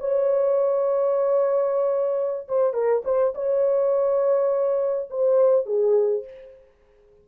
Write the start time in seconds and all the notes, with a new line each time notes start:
0.00 C#5
2.49 C5
2.74 A#4
3.05 C5
3.35 C#5
5.11 C5
5.66 G#4